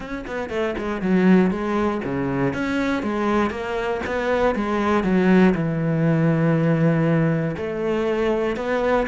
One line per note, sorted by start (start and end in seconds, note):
0.00 0.25 C#4
0.27 0.49 B3
0.49 0.74 A3
0.78 1.01 G#3
1.01 1.50 F#3
1.50 2.01 G#3
2.04 2.53 C#3
2.53 3.02 C#4
3.02 3.50 G#3
3.50 4.00 A#3
4.06 4.55 B3
4.55 5.03 G#3
5.03 5.54 F#3
5.54 7.56 E3
7.57 8.56 A3
8.56 9.06 B3